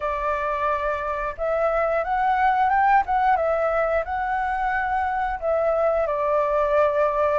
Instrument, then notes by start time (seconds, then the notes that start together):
flute
0.00 D5
1.37 E5
2.04 F#5
2.69 G5
3.06 F#5
3.36 E5
4.04 F#5
5.39 E5
6.06 D5